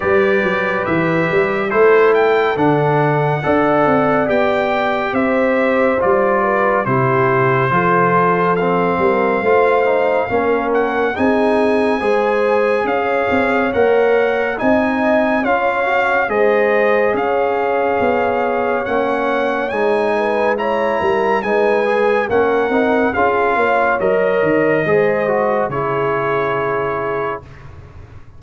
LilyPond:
<<
  \new Staff \with { instrumentName = "trumpet" } { \time 4/4 \tempo 4 = 70 d''4 e''4 c''8 g''8 fis''4~ | fis''4 g''4 e''4 d''4 | c''2 f''2~ | f''8 fis''8 gis''2 f''4 |
fis''4 gis''4 f''4 dis''4 | f''2 fis''4 gis''4 | ais''4 gis''4 fis''4 f''4 | dis''2 cis''2 | }
  \new Staff \with { instrumentName = "horn" } { \time 4/4 b'2 a'2 | d''2 c''4. b'8 | g'4 a'4. ais'8 c''4 | ais'4 gis'4 c''4 cis''4~ |
cis''4 dis''4 cis''4 c''4 | cis''2.~ cis''8 b'8 | cis''8 ais'8 b'4 ais'4 gis'8 cis''8~ | cis''4 c''4 gis'2 | }
  \new Staff \with { instrumentName = "trombone" } { \time 4/4 g'2 e'4 d'4 | a'4 g'2 f'4 | e'4 f'4 c'4 f'8 dis'8 | cis'4 dis'4 gis'2 |
ais'4 dis'4 f'8 fis'8 gis'4~ | gis'2 cis'4 dis'4 | e'4 dis'8 gis'8 cis'8 dis'8 f'4 | ais'4 gis'8 fis'8 e'2 | }
  \new Staff \with { instrumentName = "tuba" } { \time 4/4 g8 fis8 e8 g8 a4 d4 | d'8 c'8 b4 c'4 g4 | c4 f4. g8 a4 | ais4 c'4 gis4 cis'8 c'8 |
ais4 c'4 cis'4 gis4 | cis'4 b4 ais4 gis4~ | gis8 g8 gis4 ais8 c'8 cis'8 ais8 | fis8 dis8 gis4 cis2 | }
>>